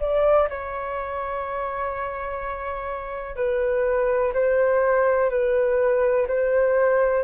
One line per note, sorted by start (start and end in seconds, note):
0.00 0.48 D5
0.49 3.36 C#5
3.36 4.33 B4
4.34 5.30 C5
5.30 6.27 B4
6.28 7.24 C5